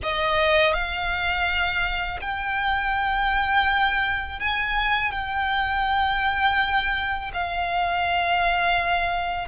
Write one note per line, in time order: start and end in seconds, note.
0.02 0.73 D#5
0.73 2.20 F5
2.21 4.39 G5
4.39 5.11 G#5
5.11 7.31 G5
7.33 9.48 F5